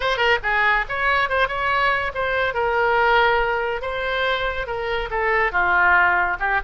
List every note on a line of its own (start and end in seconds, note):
0.00 0.17 C5
0.17 0.38 A#4
0.42 0.85 G#4
0.88 1.29 C#5
1.29 1.48 C5
1.48 2.12 C#5
2.14 2.53 C5
2.53 3.81 A#4
3.81 4.66 C5
4.66 5.09 A#4
5.10 5.52 A4
5.52 6.37 F4
6.39 6.60 G4